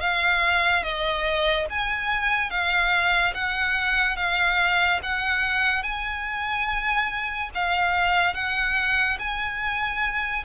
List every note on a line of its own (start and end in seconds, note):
0.00 0.83 F5
0.83 1.66 D#5
1.70 2.50 G#5
2.50 3.33 F5
3.34 4.16 F#5
4.16 4.99 F5
5.03 5.83 F#5
5.83 7.50 G#5
7.55 8.34 F5
8.34 9.17 F#5
9.19 10.44 G#5